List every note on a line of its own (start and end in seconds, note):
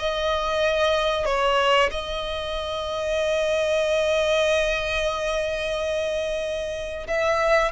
0.00 1.26 D#5
1.26 1.90 C#5
1.91 7.08 D#5
7.08 7.72 E5